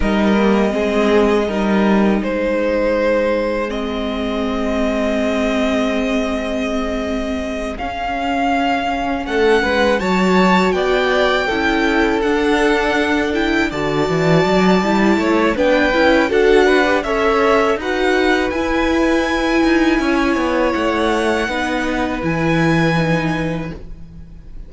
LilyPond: <<
  \new Staff \with { instrumentName = "violin" } { \time 4/4 \tempo 4 = 81 dis''2. c''4~ | c''4 dis''2.~ | dis''2~ dis''8 f''4.~ | f''8 fis''4 a''4 g''4.~ |
g''8 fis''4. g''8 a''4.~ | a''4 g''4 fis''4 e''4 | fis''4 gis''2. | fis''2 gis''2 | }
  \new Staff \with { instrumentName = "violin" } { \time 4/4 ais'4 gis'4 ais'4 gis'4~ | gis'1~ | gis'1~ | gis'8 a'8 b'8 cis''4 d''4 a'8~ |
a'2~ a'8 d''4.~ | d''8 cis''8 b'4 a'8 b'8 cis''4 | b'2. cis''4~ | cis''4 b'2. | }
  \new Staff \with { instrumentName = "viola" } { \time 4/4 dis'8 ais8 c'4 dis'2~ | dis'4 c'2.~ | c'2~ c'8 cis'4.~ | cis'4. fis'2 e'8~ |
e'8 d'4. e'8 fis'4. | e'4 d'8 e'8 fis'8. g'16 a'4 | fis'4 e'2.~ | e'4 dis'4 e'4 dis'4 | }
  \new Staff \with { instrumentName = "cello" } { \time 4/4 g4 gis4 g4 gis4~ | gis1~ | gis2~ gis8 cis'4.~ | cis'8 a8 gis8 fis4 b4 cis'8~ |
cis'8 d'2 d8 e8 fis8 | g8 a8 b8 cis'8 d'4 cis'4 | dis'4 e'4. dis'8 cis'8 b8 | a4 b4 e2 | }
>>